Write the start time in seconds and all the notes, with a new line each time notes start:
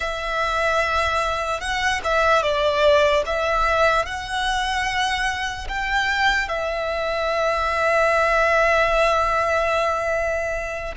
0.00 E5
1.60 F#5
2.03 E5
2.42 D5
3.26 E5
4.05 F#5
5.68 G5
6.48 E5